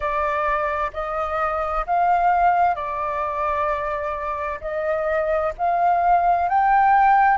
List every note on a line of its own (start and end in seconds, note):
0.00 0.91 D5
0.93 1.85 D#5
1.86 2.74 F5
2.74 4.59 D5
4.61 5.53 D#5
5.58 6.49 F5
6.49 7.37 G5